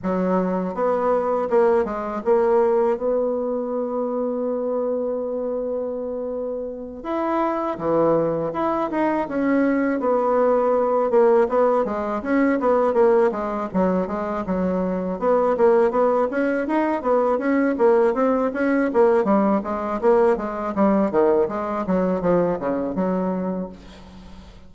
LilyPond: \new Staff \with { instrumentName = "bassoon" } { \time 4/4 \tempo 4 = 81 fis4 b4 ais8 gis8 ais4 | b1~ | b4. e'4 e4 e'8 | dis'8 cis'4 b4. ais8 b8 |
gis8 cis'8 b8 ais8 gis8 fis8 gis8 fis8~ | fis8 b8 ais8 b8 cis'8 dis'8 b8 cis'8 | ais8 c'8 cis'8 ais8 g8 gis8 ais8 gis8 | g8 dis8 gis8 fis8 f8 cis8 fis4 | }